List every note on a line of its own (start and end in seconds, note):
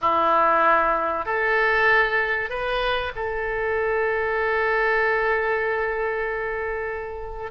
0.01 1.25 E4
1.25 2.49 A4
2.49 3.12 B4
3.15 7.51 A4